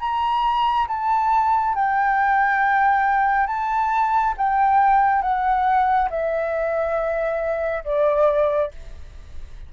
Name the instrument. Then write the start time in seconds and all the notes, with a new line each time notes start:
flute
0.00 A#5
0.88 A5
1.75 G5
3.47 A5
4.37 G5
5.22 F#5
6.10 E5
7.84 D5